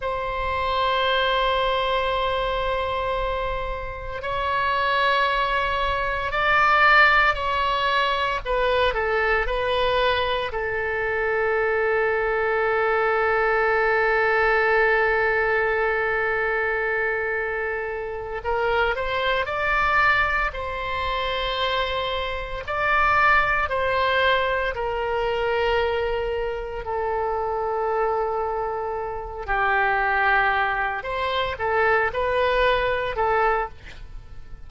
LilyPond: \new Staff \with { instrumentName = "oboe" } { \time 4/4 \tempo 4 = 57 c''1 | cis''2 d''4 cis''4 | b'8 a'8 b'4 a'2~ | a'1~ |
a'4. ais'8 c''8 d''4 c''8~ | c''4. d''4 c''4 ais'8~ | ais'4. a'2~ a'8 | g'4. c''8 a'8 b'4 a'8 | }